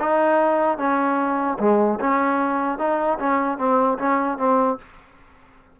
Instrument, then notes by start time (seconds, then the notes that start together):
trombone
0.00 D#4
0.78 C#4
1.59 G#3
2.00 C#4
2.79 D#4
3.19 C#4
3.58 C4
3.99 C#4
4.38 C4